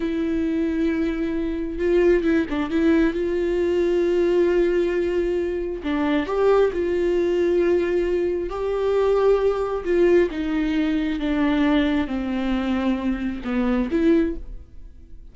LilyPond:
\new Staff \with { instrumentName = "viola" } { \time 4/4 \tempo 4 = 134 e'1 | f'4 e'8 d'8 e'4 f'4~ | f'1~ | f'4 d'4 g'4 f'4~ |
f'2. g'4~ | g'2 f'4 dis'4~ | dis'4 d'2 c'4~ | c'2 b4 e'4 | }